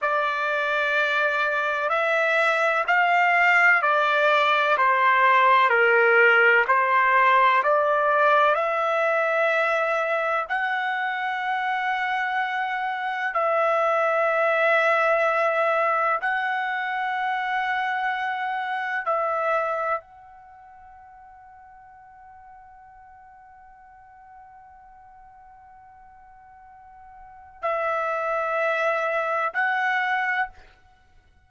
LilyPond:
\new Staff \with { instrumentName = "trumpet" } { \time 4/4 \tempo 4 = 63 d''2 e''4 f''4 | d''4 c''4 ais'4 c''4 | d''4 e''2 fis''4~ | fis''2 e''2~ |
e''4 fis''2. | e''4 fis''2.~ | fis''1~ | fis''4 e''2 fis''4 | }